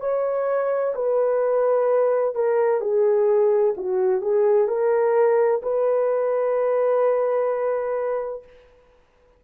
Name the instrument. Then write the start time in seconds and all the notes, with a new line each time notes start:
horn
0.00 C#5
0.95 B4
2.35 A#4
2.81 G#4
3.77 F#4
4.21 G#4
4.68 A#4
5.62 B4